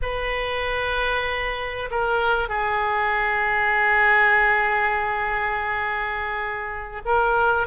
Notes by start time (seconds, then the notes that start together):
0.02 B4
1.91 A#4
2.48 G#4
7.05 A#4